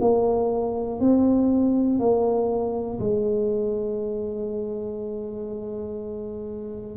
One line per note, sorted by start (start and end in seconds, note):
0.00 1.00 A#3
1.00 1.99 C4
1.99 2.99 A#3
2.99 6.96 G#3